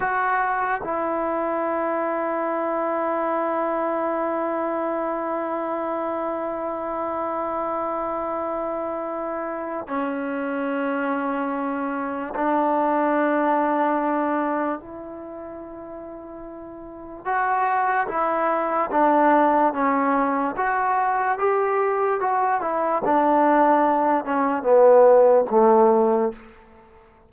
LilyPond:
\new Staff \with { instrumentName = "trombone" } { \time 4/4 \tempo 4 = 73 fis'4 e'2.~ | e'1~ | e'1 | cis'2. d'4~ |
d'2 e'2~ | e'4 fis'4 e'4 d'4 | cis'4 fis'4 g'4 fis'8 e'8 | d'4. cis'8 b4 a4 | }